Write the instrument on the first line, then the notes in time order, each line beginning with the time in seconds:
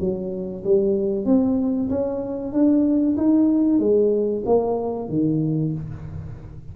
tuba
0.00 F#3
0.64 G3
1.25 C4
1.90 C#4
2.52 D4
3.17 D#4
3.79 G#3
4.46 A#3
5.09 D#3